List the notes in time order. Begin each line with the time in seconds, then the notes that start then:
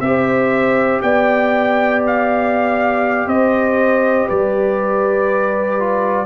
0.00 C4 G4 E5
0.08 C5
1.02 B3 D5 G5
2.06 F5
3.26 C4 C5 D#5
4.27 G3 B4 D5
5.79 F4